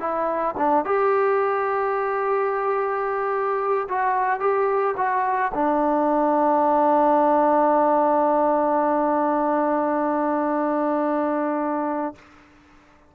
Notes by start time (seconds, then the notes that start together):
0.00 E4
0.58 D4
0.85 G4
3.89 F#4
4.40 G4
4.97 F#4
5.54 D4